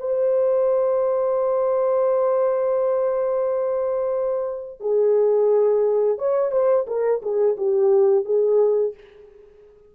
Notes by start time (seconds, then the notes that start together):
0.00 C5
4.81 G#4
6.19 C#5
6.52 C5
6.87 A#4
7.23 G#4
7.57 G4
8.25 G#4